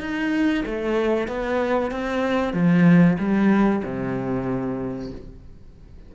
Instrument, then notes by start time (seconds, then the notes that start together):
cello
0.00 D#4
0.66 A3
1.27 B3
1.91 C4
2.53 F3
3.19 G3
3.84 C3